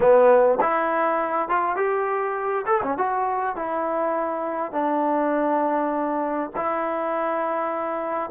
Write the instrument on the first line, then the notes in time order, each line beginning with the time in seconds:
trombone
0.00 B3
0.60 E4
1.49 F4
1.76 G4
2.66 A4
2.83 C#4
2.97 F#4
3.55 E4
4.72 D4
6.56 E4